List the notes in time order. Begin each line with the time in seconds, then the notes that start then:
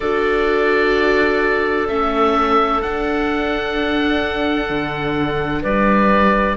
0.00 D4 F#4 A4 D5
1.87 A3 C#4 E5
2.82 D4 F#5
4.69 D3
5.61 G3 B4 D5